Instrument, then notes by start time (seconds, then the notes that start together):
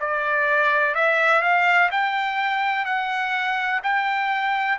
trumpet
0.00 D5
0.95 E5
1.42 F5
1.91 G5
2.85 F#5
3.83 G5